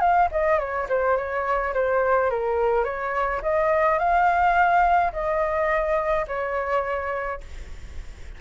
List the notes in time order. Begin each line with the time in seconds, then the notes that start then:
0.00 F5
0.31 D#5
0.58 C#5
0.89 C5
1.17 C#5
1.74 C5
2.30 A#4
2.84 C#5
3.42 D#5
3.98 F5
5.12 D#5
6.27 C#5